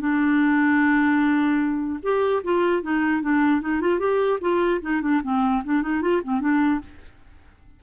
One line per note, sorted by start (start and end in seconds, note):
0.00 2.00 D4
2.03 2.43 G4
2.44 2.83 F4
2.83 3.23 D#4
3.23 3.62 D4
3.62 3.81 D#4
3.81 4.00 F4
4.00 4.40 G4
4.41 4.81 F4
4.82 5.02 D#4
5.02 5.22 D4
5.24 5.64 C4
5.65 5.82 D4
5.82 6.02 D#4
6.02 6.22 F4
6.24 6.41 C4
6.41 6.81 D4